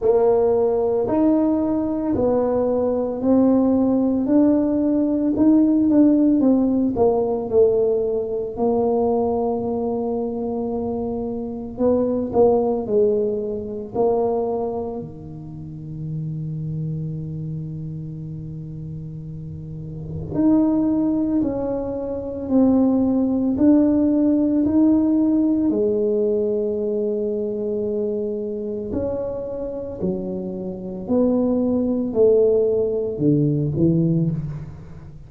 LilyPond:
\new Staff \with { instrumentName = "tuba" } { \time 4/4 \tempo 4 = 56 ais4 dis'4 b4 c'4 | d'4 dis'8 d'8 c'8 ais8 a4 | ais2. b8 ais8 | gis4 ais4 dis2~ |
dis2. dis'4 | cis'4 c'4 d'4 dis'4 | gis2. cis'4 | fis4 b4 a4 d8 e8 | }